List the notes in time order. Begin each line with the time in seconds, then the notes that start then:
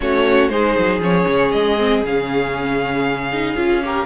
0.00 A3 C#4 F#4 C#5
0.49 G#3 D#4 G#4 C5
0.78 F#3
0.99 F3 C#4 C#5
1.27 C#3
1.51 G#3 D#5
1.77 C4
2.04 C#3 C#4 F5
3.32 D#4
3.55 C#4 F4
3.84 G4 A#4